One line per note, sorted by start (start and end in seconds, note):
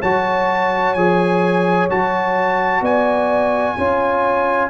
0.00 0.96 F#3
0.00 0.97 F#4
0.00 2.81 C#5
0.00 0.94 A5
0.94 1.89 F3
0.94 1.90 G#4
0.94 1.87 G#5
1.90 2.81 F#3
1.90 3.77 F#4
1.90 2.84 A5
2.81 3.75 B3
2.81 3.76 D5
2.81 4.70 G#5
3.77 4.70 C#4
3.77 4.70 F4
3.77 4.70 C#5